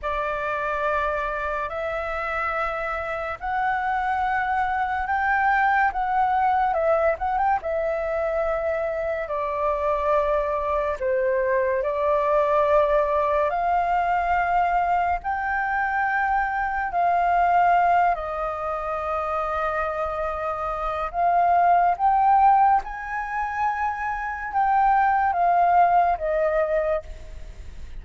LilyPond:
\new Staff \with { instrumentName = "flute" } { \time 4/4 \tempo 4 = 71 d''2 e''2 | fis''2 g''4 fis''4 | e''8 fis''16 g''16 e''2 d''4~ | d''4 c''4 d''2 |
f''2 g''2 | f''4. dis''2~ dis''8~ | dis''4 f''4 g''4 gis''4~ | gis''4 g''4 f''4 dis''4 | }